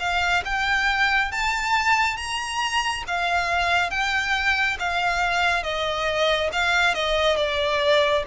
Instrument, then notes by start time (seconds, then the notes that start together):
violin
0.00 F5
0.45 G5
1.32 A5
2.17 A#5
3.08 F5
3.91 G5
4.79 F5
5.63 D#5
6.53 F5
6.94 D#5
7.37 D5